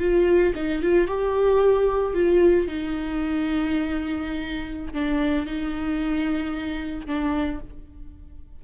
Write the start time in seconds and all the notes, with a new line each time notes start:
0.00 F4
0.56 D#4
0.82 F4
1.08 G4
2.14 F4
2.68 D#4
4.94 D4
5.46 D#4
7.07 D4